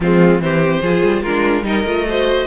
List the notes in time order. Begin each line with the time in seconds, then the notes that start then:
0.00 F3 G#3 C4 F4
0.39 E3 C4 G4 C5
0.81 F3 F4 G#4
1.03 G3
1.22 G#3 D4 F4 A#4
1.63 G3 D#4 A#4 D#5
1.84 A3 F4
2.07 F#4 C5